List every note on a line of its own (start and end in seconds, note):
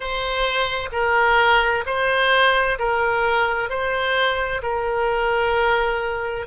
0.00 0.89 C5
0.91 1.84 A#4
1.85 2.78 C5
2.79 3.69 A#4
3.69 4.62 C5
4.62 6.46 A#4